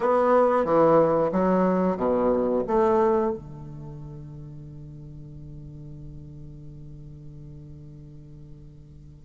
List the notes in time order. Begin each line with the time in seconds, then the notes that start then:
0.00 B3
0.64 E3
1.32 F#3
1.96 B2
2.67 A3
3.32 D3